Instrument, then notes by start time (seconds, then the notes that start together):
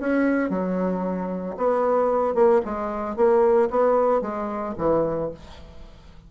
bassoon
0.00 C#4
0.50 F#3
1.57 B3
2.35 A#3
2.65 G#3
3.16 A#3
3.70 B3
4.22 G#3
4.78 E3